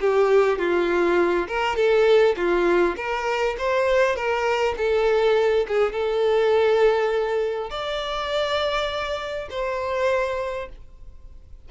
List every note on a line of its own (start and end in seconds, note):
0.00 0.58 G4
0.58 1.47 F4
1.47 1.76 A#4
1.76 2.35 A4
2.37 2.96 F4
2.96 3.56 A#4
3.58 4.16 C5
4.16 4.75 A#4
4.77 5.66 A4
5.68 5.92 G#4
5.92 7.70 A4
7.70 9.48 D5
9.50 10.69 C5